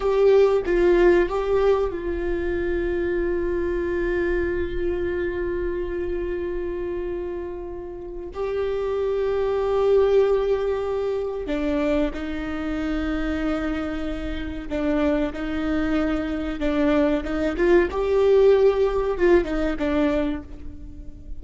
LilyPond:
\new Staff \with { instrumentName = "viola" } { \time 4/4 \tempo 4 = 94 g'4 f'4 g'4 f'4~ | f'1~ | f'1~ | f'4 g'2.~ |
g'2 d'4 dis'4~ | dis'2. d'4 | dis'2 d'4 dis'8 f'8 | g'2 f'8 dis'8 d'4 | }